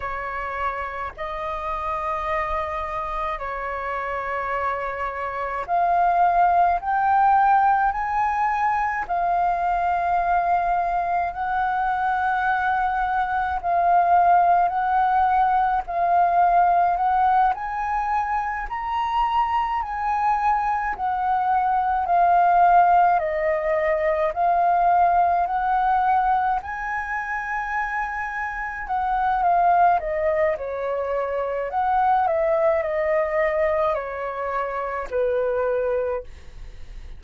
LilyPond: \new Staff \with { instrumentName = "flute" } { \time 4/4 \tempo 4 = 53 cis''4 dis''2 cis''4~ | cis''4 f''4 g''4 gis''4 | f''2 fis''2 | f''4 fis''4 f''4 fis''8 gis''8~ |
gis''8 ais''4 gis''4 fis''4 f''8~ | f''8 dis''4 f''4 fis''4 gis''8~ | gis''4. fis''8 f''8 dis''8 cis''4 | fis''8 e''8 dis''4 cis''4 b'4 | }